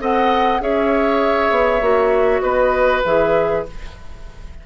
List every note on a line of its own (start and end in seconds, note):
0.00 0.61 C4
0.00 0.61 A4
0.00 0.62 D#5
0.00 0.62 F#5
0.61 1.51 C#4
0.61 1.82 G#4
0.61 2.43 C#5
0.61 2.41 E5
1.51 1.81 B3
1.81 2.42 A#3
1.81 3.03 F#4
2.41 3.03 B3
2.41 3.64 B4
2.41 3.02 D#5
3.05 3.67 E3
3.05 3.67 G#4
3.05 3.66 E5